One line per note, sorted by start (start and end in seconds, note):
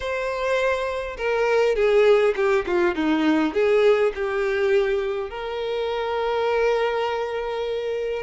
0.00 1.16 C5
1.17 1.75 A#4
1.75 2.34 G#4
2.35 2.65 G4
2.66 2.95 F4
2.95 3.53 D#4
3.53 4.12 G#4
4.14 5.30 G4
5.30 8.22 A#4